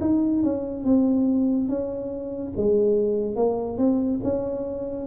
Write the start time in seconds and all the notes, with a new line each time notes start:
0.00 D#4
0.43 C#4
0.84 C4
1.68 C#4
2.56 G#3
3.35 A#3
3.78 C4
4.23 C#4